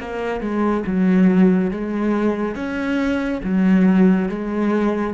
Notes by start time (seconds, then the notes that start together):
0.00 A#3
0.41 G#3
0.86 F#3
1.71 G#3
2.55 C#4
3.43 F#3
4.29 G#3